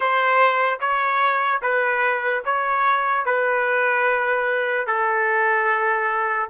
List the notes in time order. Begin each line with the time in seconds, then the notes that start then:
0.00 C5
0.80 C#5
1.62 B4
2.45 C#5
3.25 B4
4.86 A4